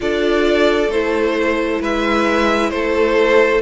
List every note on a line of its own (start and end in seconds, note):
0.00 0.88 D4
0.00 0.89 F4
0.00 1.80 A4
0.00 0.91 D5
0.88 1.79 A3
0.88 3.62 E4
0.88 1.82 C5
1.80 2.71 G#3
1.80 2.71 B4
1.80 2.70 E5
2.70 3.62 A3
2.70 3.62 A4
2.70 3.61 C5